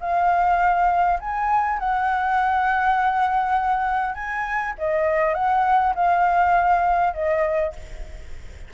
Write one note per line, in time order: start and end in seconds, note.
0.00 1.19 F5
1.20 1.79 G#5
1.79 4.14 F#5
4.14 4.74 G#5
4.78 5.34 D#5
5.34 5.94 F#5
5.95 7.13 F5
7.13 7.73 D#5